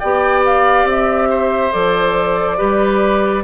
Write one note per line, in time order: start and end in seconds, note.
0.00 0.85 B3
0.00 1.73 G4
0.00 1.29 D5
0.00 0.43 G5
0.46 0.89 F5
0.85 1.70 C4
0.85 1.73 E5
1.31 2.58 C5
1.73 2.60 F3
1.73 2.58 A4
1.73 3.44 D5
2.58 3.44 G3
2.58 3.44 G4
2.58 3.44 B4